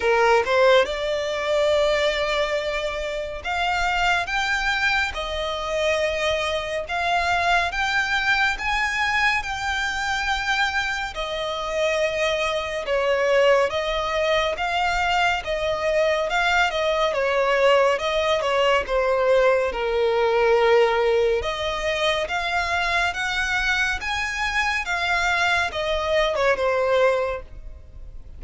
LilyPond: \new Staff \with { instrumentName = "violin" } { \time 4/4 \tempo 4 = 70 ais'8 c''8 d''2. | f''4 g''4 dis''2 | f''4 g''4 gis''4 g''4~ | g''4 dis''2 cis''4 |
dis''4 f''4 dis''4 f''8 dis''8 | cis''4 dis''8 cis''8 c''4 ais'4~ | ais'4 dis''4 f''4 fis''4 | gis''4 f''4 dis''8. cis''16 c''4 | }